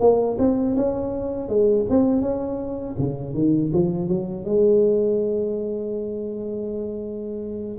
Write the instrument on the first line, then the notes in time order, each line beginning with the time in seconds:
tuba
0.00 A#3
0.38 C4
0.76 C#4
1.48 G#3
1.89 C4
2.21 C#4
2.98 C#3
3.34 D#3
3.73 F3
4.08 F#3
4.45 G#3